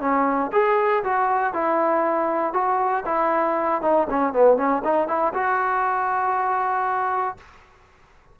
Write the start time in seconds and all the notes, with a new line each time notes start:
0.00 C#4
0.52 G#4
1.04 F#4
1.53 E4
2.53 F#4
3.06 E4
3.82 D#4
4.10 C#4
4.33 B3
4.57 C#4
4.84 D#4
5.08 E4
5.34 F#4